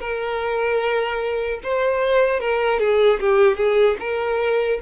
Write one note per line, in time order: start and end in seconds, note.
0.00 1.60 A#4
1.63 2.40 C5
2.40 2.80 A#4
2.80 3.20 G#4
3.20 3.57 G4
3.57 3.97 G#4
4.00 4.80 A#4